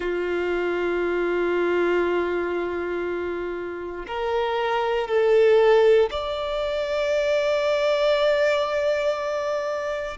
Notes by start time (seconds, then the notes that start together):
0.00 F4
4.07 A#4
5.08 A4
6.10 D5